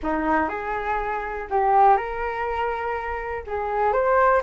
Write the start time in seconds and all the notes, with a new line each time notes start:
0.02 D#4
0.49 G#4
1.50 G4
1.96 A#4
3.46 G#4
3.92 C5